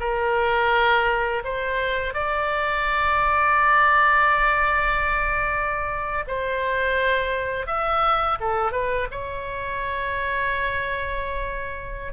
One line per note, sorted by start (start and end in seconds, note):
0.00 1.43 A#4
1.44 2.14 C5
2.14 6.25 D5
6.27 7.67 C5
7.67 8.38 E5
8.40 8.72 A4
8.72 9.07 B4
9.11 12.13 C#5